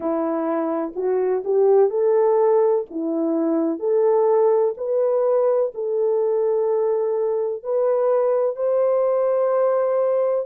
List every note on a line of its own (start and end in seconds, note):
0.00 0.93 E4
0.95 1.43 F#4
1.44 1.90 G4
1.90 2.85 A4
2.90 3.79 E4
3.79 4.74 A4
4.77 5.72 B4
5.74 7.63 A4
7.63 8.56 B4
8.56 10.45 C5